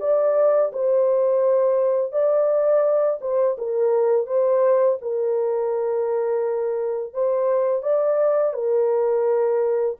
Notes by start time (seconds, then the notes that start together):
0.00 D5
0.73 C5
2.12 D5
3.21 C5
3.58 A#4
4.27 C5
5.01 A#4
7.14 C5
7.83 D5
8.53 A#4